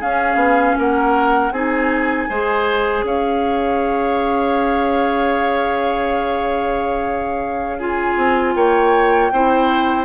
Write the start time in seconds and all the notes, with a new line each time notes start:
0.00 C#4 G#4 F5
0.35 B3
0.78 A#3 A#4 F#5
1.51 C4 D#4 G#4 G#5
2.29 G#3 G#4 C5
3.03 C#4 C#5 F5
7.78 F4 G#4 G#5
8.17 C4
8.55 A#3 C#5 G5
9.32 C4 E4 C5